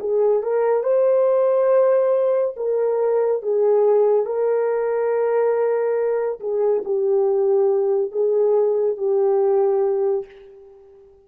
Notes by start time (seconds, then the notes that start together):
0.00 G#4
0.42 A#4
0.83 C5
2.56 A#4
3.42 G#4
4.25 A#4
6.40 G#4
6.85 G4
8.11 G#4
8.97 G4